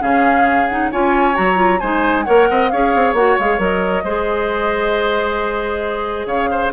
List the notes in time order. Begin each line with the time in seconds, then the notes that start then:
0.00 C#3 C#4 G#4 F5
0.67 D#4 F#5
0.91 C#4 F4 C#5 G#5
1.34 F#3 F#4 A#5
1.56 F4
1.79 G#3 D#4 C5 G#5
2.24 A#3 A#4 C#5 F#5
2.50 C4 D#5
2.69 C#4 G#4 C#5 F5
2.95 C4
3.14 A#3 F#4 F#5
3.39 G#3 G#4 F5
3.59 F#3 A#4 D#5
4.04 G#3 G#4 C5
6.26 C#3 C#5 F5
6.50 C5